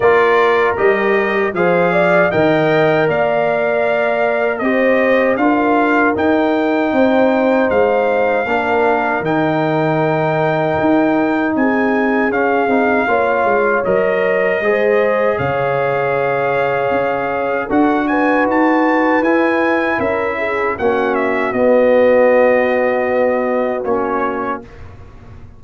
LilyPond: <<
  \new Staff \with { instrumentName = "trumpet" } { \time 4/4 \tempo 4 = 78 d''4 dis''4 f''4 g''4 | f''2 dis''4 f''4 | g''2 f''2 | g''2. gis''4 |
f''2 dis''2 | f''2. fis''8 gis''8 | a''4 gis''4 e''4 fis''8 e''8 | dis''2. cis''4 | }
  \new Staff \with { instrumentName = "horn" } { \time 4/4 ais'2 c''8 d''8 dis''4 | d''2 c''4 ais'4~ | ais'4 c''2 ais'4~ | ais'2. gis'4~ |
gis'4 cis''2 c''4 | cis''2. a'8 b'8~ | b'2 ais'8 gis'8 fis'4~ | fis'1 | }
  \new Staff \with { instrumentName = "trombone" } { \time 4/4 f'4 g'4 gis'4 ais'4~ | ais'2 g'4 f'4 | dis'2. d'4 | dis'1 |
cis'8 dis'8 f'4 ais'4 gis'4~ | gis'2. fis'4~ | fis'4 e'2 cis'4 | b2. cis'4 | }
  \new Staff \with { instrumentName = "tuba" } { \time 4/4 ais4 g4 f4 dis4 | ais2 c'4 d'4 | dis'4 c'4 gis4 ais4 | dis2 dis'4 c'4 |
cis'8 c'8 ais8 gis8 fis4 gis4 | cis2 cis'4 d'4 | dis'4 e'4 cis'4 ais4 | b2. ais4 | }
>>